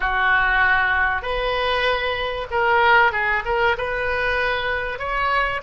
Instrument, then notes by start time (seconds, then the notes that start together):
oboe
0.00 F#4
1.22 B4
2.50 A#4
3.12 G#4
3.45 A#4
3.77 B4
4.98 C#5